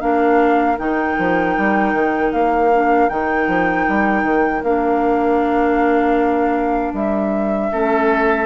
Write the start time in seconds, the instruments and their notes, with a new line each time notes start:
0.00 bassoon A#3, clarinet D4, oboe A#4, flute F5
0.78 bassoon D#3, clarinet D#4, flute G5
1.18 bassoon F3
1.58 bassoon G3
1.94 bassoon D#3
2.33 bassoon A#3, flute F5
2.73 clarinet D4
3.09 bassoon D#3, clarinet D#4, flute G5
3.47 bassoon F3
3.89 bassoon G3
4.23 bassoon D#3
4.63 bassoon A#3, clarinet D4, flute F5
6.93 bassoon G3, flute E5
7.72 bassoon A3, clarinet C#4, oboe A4